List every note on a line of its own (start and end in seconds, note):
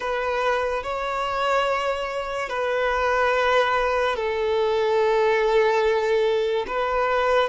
0.00 0.83 B4
0.83 2.49 C#5
2.49 4.16 B4
4.16 6.66 A4
6.67 7.48 B4